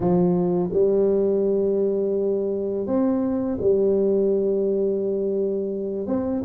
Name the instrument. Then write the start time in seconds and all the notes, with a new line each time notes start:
tuba
0.00 F3
0.72 G3
2.86 C4
3.60 G3
6.06 C4